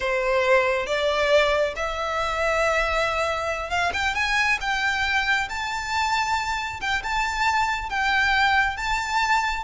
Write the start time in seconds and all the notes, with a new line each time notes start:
0.00 C5
0.86 D5
1.75 E5
3.70 F5
3.93 G5
4.14 G#5
4.60 G5
5.49 A5
6.80 G5
7.03 A5
7.89 G5
8.76 A5